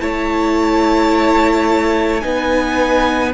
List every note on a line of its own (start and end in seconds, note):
0.00 2.23 A3
0.00 2.22 E4
0.00 2.24 C#5
0.00 2.21 A5
2.21 3.34 B3
2.21 3.33 D#4
2.21 3.34 B4
2.21 3.32 G#5